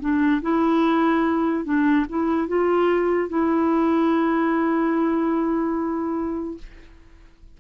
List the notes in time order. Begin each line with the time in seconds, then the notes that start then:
0.00 D4
0.41 E4
1.65 D4
2.09 E4
2.48 F4
3.29 E4